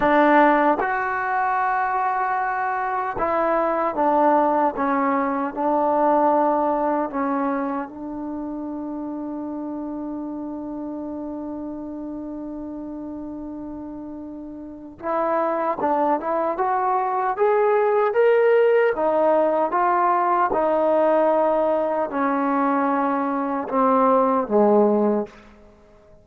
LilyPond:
\new Staff \with { instrumentName = "trombone" } { \time 4/4 \tempo 4 = 76 d'4 fis'2. | e'4 d'4 cis'4 d'4~ | d'4 cis'4 d'2~ | d'1~ |
d'2. e'4 | d'8 e'8 fis'4 gis'4 ais'4 | dis'4 f'4 dis'2 | cis'2 c'4 gis4 | }